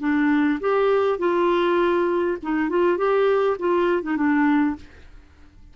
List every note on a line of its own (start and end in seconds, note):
0.00 0.59 D4
0.60 1.19 G4
1.19 2.38 F4
2.43 2.69 D#4
2.69 2.98 F4
2.98 3.57 G4
3.59 4.03 F4
4.03 4.17 D#4
4.17 4.76 D4